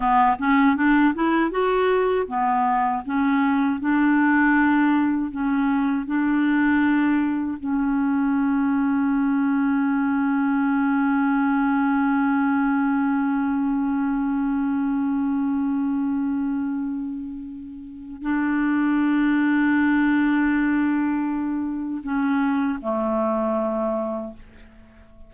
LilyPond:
\new Staff \with { instrumentName = "clarinet" } { \time 4/4 \tempo 4 = 79 b8 cis'8 d'8 e'8 fis'4 b4 | cis'4 d'2 cis'4 | d'2 cis'2~ | cis'1~ |
cis'1~ | cis'1 | d'1~ | d'4 cis'4 a2 | }